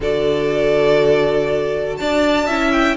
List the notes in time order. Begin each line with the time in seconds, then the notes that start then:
0.00 D3 F#4 A4 D5
1.97 D4 D5 A5
2.46 C#4 E4 E5
2.72 G5